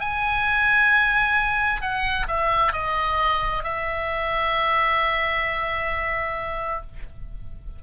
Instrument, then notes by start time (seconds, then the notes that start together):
oboe
0.00 G#5
1.82 F#5
2.29 E5
2.73 D#5
3.64 E5